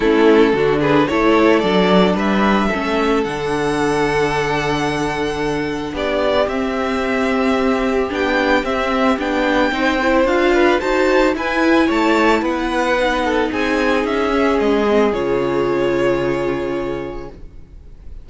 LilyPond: <<
  \new Staff \with { instrumentName = "violin" } { \time 4/4 \tempo 4 = 111 a'4. b'8 cis''4 d''4 | e''2 fis''2~ | fis''2. d''4 | e''2. g''4 |
e''4 g''2 f''4 | a''4 gis''4 a''4 fis''4~ | fis''4 gis''4 e''4 dis''4 | cis''1 | }
  \new Staff \with { instrumentName = "violin" } { \time 4/4 e'4 fis'8 gis'8 a'2 | b'4 a'2.~ | a'2. g'4~ | g'1~ |
g'2 c''4. b'8 | c''4 b'4 cis''4 b'4~ | b'8 a'8 gis'2.~ | gis'1 | }
  \new Staff \with { instrumentName = "viola" } { \time 4/4 cis'4 d'4 e'4 d'4~ | d'4 cis'4 d'2~ | d'1 | c'2. d'4 |
c'4 d'4 dis'8 e'8 f'4 | fis'4 e'2. | dis'2~ dis'8 cis'4 c'8 | f'1 | }
  \new Staff \with { instrumentName = "cello" } { \time 4/4 a4 d4 a4 fis4 | g4 a4 d2~ | d2. b4 | c'2. b4 |
c'4 b4 c'4 d'4 | dis'4 e'4 a4 b4~ | b4 c'4 cis'4 gis4 | cis1 | }
>>